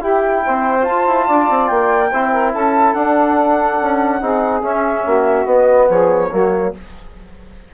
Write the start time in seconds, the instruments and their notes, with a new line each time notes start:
0.00 trombone E4, bassoon E4, saxophone G4, flute G5
0.45 bassoon C4, saxophone C5
0.81 trombone F4, bassoon F4, flute A5
1.07 bassoon E4
1.26 bassoon D4, saxophone D5
1.49 bassoon C4
1.67 bassoon A#3, flute G5
2.10 bassoon C4, trombone E4, saxophone C5
2.32 saxophone A#4
2.53 bassoon C#4, saxophone A4, flute A5
2.93 bassoon D4, trombone D4, flute F#5
3.81 bassoon C#4
4.20 bassoon C4, trombone D#4, saxophone G#4
4.61 bassoon C#4, trombone C#4, flute E5
5.04 bassoon A#3, saxophone F#4
5.45 bassoon B3, trombone B3, flute D#5
5.89 bassoon F3, saxophone G#4, flute C#5
6.29 bassoon F#3, trombone A#3, saxophone F#4